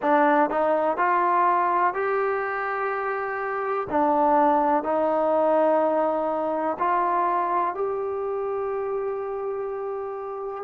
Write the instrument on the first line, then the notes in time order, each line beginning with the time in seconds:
trombone
0.01 D4
0.50 D#4
0.97 F4
1.94 G4
3.89 D4
4.83 D#4
6.78 F4
7.74 G4